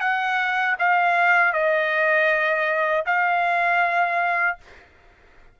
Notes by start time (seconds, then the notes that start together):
0.00 F#5
0.79 F5
1.53 D#5
3.06 F5